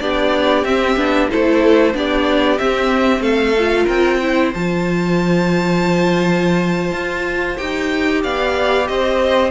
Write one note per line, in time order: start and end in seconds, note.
0.00 0.65 B3
0.00 0.65 D4
0.00 1.30 G4
0.00 0.64 D5
0.64 0.96 C4
0.64 0.97 C4
0.64 1.29 E5
0.96 1.28 B3
0.96 1.30 D4
1.30 1.94 A3
1.30 1.93 E4
1.30 1.95 A4
1.30 1.96 C5
1.93 2.59 B3
1.93 2.58 D4
1.93 3.21 G4
1.93 2.58 D5
2.58 3.55 C4
2.58 3.20 C4
2.58 3.22 E5
3.20 3.84 A3
3.20 3.85 A4
3.20 3.86 F5
3.58 4.22 F4
3.85 4.53 C4
3.85 4.17 A#4
3.85 4.53 G5
4.20 4.54 E4
4.20 8.23 C5
4.54 6.92 F3
4.54 7.57 F4
4.54 7.57 A5
6.92 7.57 F4
7.57 8.24 D#4
7.57 9.51 G4
7.57 8.22 G5
8.23 8.89 B3
8.23 8.88 D5
8.23 8.88 F5
8.88 9.51 C4
8.88 9.51 C5
8.88 9.51 D#5